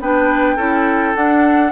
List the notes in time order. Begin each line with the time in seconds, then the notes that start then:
0.00 B3 D4 B4 G5
0.56 C#4 E4 A4
1.15 D4 F#5